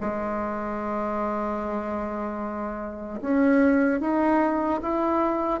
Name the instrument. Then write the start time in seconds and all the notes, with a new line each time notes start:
bassoon
0.00 G#3
3.21 C#4
4.00 D#4
4.82 E4